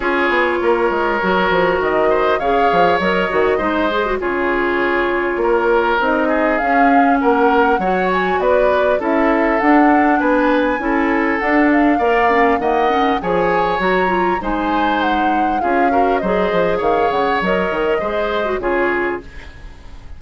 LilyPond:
<<
  \new Staff \with { instrumentName = "flute" } { \time 4/4 \tempo 4 = 100 cis''2. dis''4 | f''4 dis''2 cis''4~ | cis''2 dis''4 f''4 | fis''4. gis''8 d''4 e''4 |
fis''4 gis''2 fis''8 f''8~ | f''4 fis''4 gis''4 ais''4 | gis''4 fis''4 f''4 dis''4 | f''8 fis''8 dis''2 cis''4 | }
  \new Staff \with { instrumentName = "oboe" } { \time 4/4 gis'4 ais'2~ ais'8 c''8 | cis''2 c''4 gis'4~ | gis'4 ais'4. gis'4. | ais'4 cis''4 b'4 a'4~ |
a'4 b'4 a'2 | d''4 dis''4 cis''2 | c''2 gis'8 ais'8 c''4 | cis''2 c''4 gis'4 | }
  \new Staff \with { instrumentName = "clarinet" } { \time 4/4 f'2 fis'2 | gis'4 ais'8 fis'8 dis'8 gis'16 fis'16 f'4~ | f'2 dis'4 cis'4~ | cis'4 fis'2 e'4 |
d'2 e'4 d'4 | ais'8 cis'8 ais8 cis'8 gis'4 fis'8 f'8 | dis'2 f'8 fis'8 gis'4~ | gis'4 ais'4 gis'8. fis'16 f'4 | }
  \new Staff \with { instrumentName = "bassoon" } { \time 4/4 cis'8 b8 ais8 gis8 fis8 f8 dis4 | cis8 f8 fis8 dis8 gis4 cis4~ | cis4 ais4 c'4 cis'4 | ais4 fis4 b4 cis'4 |
d'4 b4 cis'4 d'4 | ais4 dis4 f4 fis4 | gis2 cis'4 fis8 f8 | dis8 cis8 fis8 dis8 gis4 cis4 | }
>>